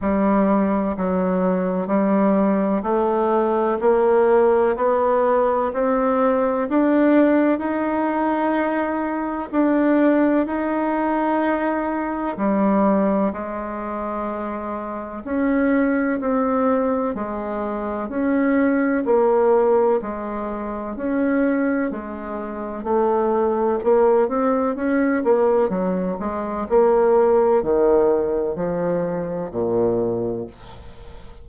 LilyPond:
\new Staff \with { instrumentName = "bassoon" } { \time 4/4 \tempo 4 = 63 g4 fis4 g4 a4 | ais4 b4 c'4 d'4 | dis'2 d'4 dis'4~ | dis'4 g4 gis2 |
cis'4 c'4 gis4 cis'4 | ais4 gis4 cis'4 gis4 | a4 ais8 c'8 cis'8 ais8 fis8 gis8 | ais4 dis4 f4 ais,4 | }